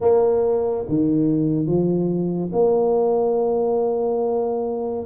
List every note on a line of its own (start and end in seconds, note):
0.00 0.85 A#3
0.88 1.66 D#3
1.66 2.50 F3
2.52 5.05 A#3